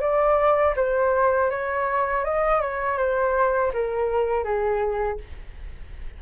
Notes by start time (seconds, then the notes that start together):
0.00 D5
0.76 C5
1.50 C#5
2.24 D#5
2.61 C#5
2.98 C5
3.73 A#4
4.44 G#4